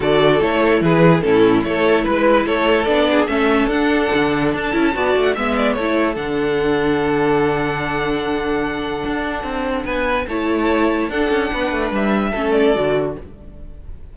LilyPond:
<<
  \new Staff \with { instrumentName = "violin" } { \time 4/4 \tempo 4 = 146 d''4 cis''4 b'4 a'4 | cis''4 b'4 cis''4 d''4 | e''4 fis''2 a''4~ | a''8. fis''16 e''8 d''8 cis''4 fis''4~ |
fis''1~ | fis''1 | gis''4 a''2 fis''4~ | fis''4 e''4. d''4. | }
  \new Staff \with { instrumentName = "violin" } { \time 4/4 a'2 gis'4 e'4 | a'4 b'4 a'4. gis'8 | a'1 | d''4 e''4 a'2~ |
a'1~ | a'1 | b'4 cis''2 a'4 | b'2 a'2 | }
  \new Staff \with { instrumentName = "viola" } { \time 4/4 fis'4 e'2 cis'4 | e'2. d'4 | cis'4 d'2~ d'8 e'8 | fis'4 b4 e'4 d'4~ |
d'1~ | d'1~ | d'4 e'2 d'4~ | d'2 cis'4 fis'4 | }
  \new Staff \with { instrumentName = "cello" } { \time 4/4 d4 a4 e4 a,4 | a4 gis4 a4 b4 | a4 d'4 d4 d'8 cis'8 | b8 a8 gis4 a4 d4~ |
d1~ | d2 d'4 c'4 | b4 a2 d'8 cis'8 | b8 a8 g4 a4 d4 | }
>>